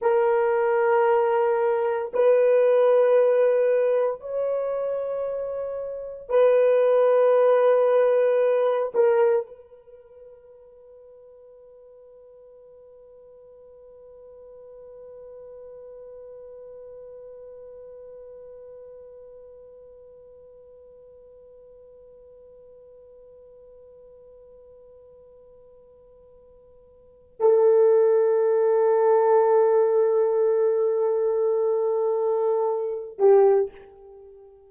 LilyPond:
\new Staff \with { instrumentName = "horn" } { \time 4/4 \tempo 4 = 57 ais'2 b'2 | cis''2 b'2~ | b'8 ais'8 b'2.~ | b'1~ |
b'1~ | b'1~ | b'2 a'2~ | a'2.~ a'8 g'8 | }